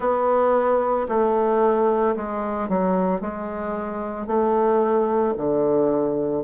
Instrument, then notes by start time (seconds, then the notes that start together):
bassoon
0.00 B3
1.08 A3
2.15 G#3
2.68 F#3
3.20 G#3
4.26 A3
5.37 D3